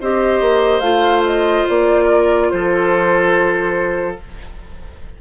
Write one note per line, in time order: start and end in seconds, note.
0.00 0.40 C4
0.00 0.82 G4
0.00 2.04 C5
0.00 0.80 D#5
0.40 0.80 A#3
0.80 1.64 A3
0.80 4.15 F4
0.80 1.21 F5
1.26 1.67 D#5
1.68 2.52 A#3
1.68 2.50 D5
2.04 2.46 A#4
2.50 4.19 F3
2.50 4.20 A4
2.50 4.17 C5